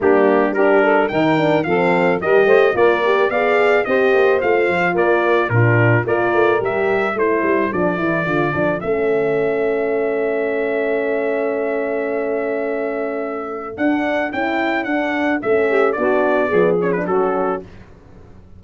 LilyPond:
<<
  \new Staff \with { instrumentName = "trumpet" } { \time 4/4 \tempo 4 = 109 g'4 ais'4 g''4 f''4 | dis''4 d''4 f''4 dis''4 | f''4 d''4 ais'4 d''4 | e''4 c''4 d''2 |
e''1~ | e''1~ | e''4 fis''4 g''4 fis''4 | e''4 d''4. cis''16 b'16 a'4 | }
  \new Staff \with { instrumentName = "saxophone" } { \time 4/4 d'4 g'8 a'8 ais'4 a'4 | ais'8 c''8 ais'4 d''4 c''4~ | c''4 ais'4 f'4 ais'4~ | ais'4 a'2.~ |
a'1~ | a'1~ | a'1~ | a'8 g'8 fis'4 gis'4 fis'4 | }
  \new Staff \with { instrumentName = "horn" } { \time 4/4 ais4 d'4 dis'8 d'8 c'4 | g'4 f'8 g'8 gis'4 g'4 | f'2 d'4 f'4 | g'4 e'4 d'8 e'8 f'8 d'8 |
cis'1~ | cis'1~ | cis'4 d'4 e'4 d'4 | cis'4 d'4 b8 cis'16 d'16 cis'4 | }
  \new Staff \with { instrumentName = "tuba" } { \time 4/4 g2 dis4 f4 | g8 a8 ais4 b4 c'8 ais8 | a8 f8 ais4 ais,4 ais8 a8 | g4 a8 g8 f8 e8 d8 f8 |
a1~ | a1~ | a4 d'4 cis'4 d'4 | a4 b4 f4 fis4 | }
>>